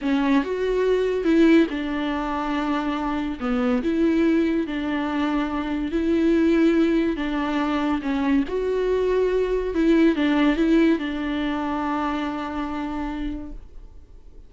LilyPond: \new Staff \with { instrumentName = "viola" } { \time 4/4 \tempo 4 = 142 cis'4 fis'2 e'4 | d'1 | b4 e'2 d'4~ | d'2 e'2~ |
e'4 d'2 cis'4 | fis'2. e'4 | d'4 e'4 d'2~ | d'1 | }